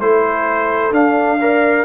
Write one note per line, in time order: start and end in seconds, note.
0.00 0.91 A3
0.00 0.93 E4
0.00 1.41 A4
0.00 0.92 C5
0.91 1.83 D4
0.91 1.39 D4
0.91 1.85 F5
1.41 1.85 A#4
1.41 1.85 D5